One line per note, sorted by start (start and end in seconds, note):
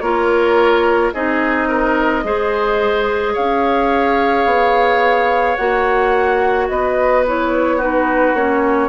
0.00 1.12 A#3
0.00 1.14 F4
0.00 1.14 A#4
0.00 1.11 C#5
1.13 2.24 C4
1.13 2.23 D#4
1.13 1.68 G#4
1.13 3.35 D#5
1.68 2.24 A#4
2.23 3.35 G#3
2.23 5.56 G#4
2.23 3.33 C5
3.33 4.45 C#4
3.33 6.67 C#5
3.33 5.56 F5
4.45 5.56 B3
5.56 6.69 A#3
5.56 7.25 F#4
5.56 6.68 F#5
6.69 8.34 B3
6.69 7.77 B4
6.69 7.24 D#5
7.27 7.80 E4
7.27 7.81 C#5
7.77 8.35 D#4
7.77 8.88 F#4
7.77 8.35 B4
8.34 8.89 A#3
8.34 8.89 C#4
8.34 8.89 C#5